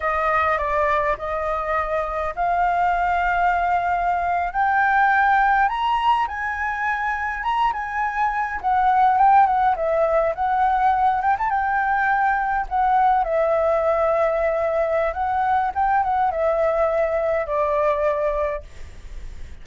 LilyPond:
\new Staff \with { instrumentName = "flute" } { \time 4/4 \tempo 4 = 103 dis''4 d''4 dis''2 | f''2.~ f''8. g''16~ | g''4.~ g''16 ais''4 gis''4~ gis''16~ | gis''8. ais''8 gis''4. fis''4 g''16~ |
g''16 fis''8 e''4 fis''4. g''16 a''16 g''16~ | g''4.~ g''16 fis''4 e''4~ e''16~ | e''2 fis''4 g''8 fis''8 | e''2 d''2 | }